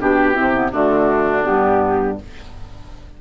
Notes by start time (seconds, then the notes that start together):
0.00 B2 D4 G4
0.34 C3 C4 E4
0.53 B3
0.72 D3 A3 D4 F#4
1.43 G2 B3 G4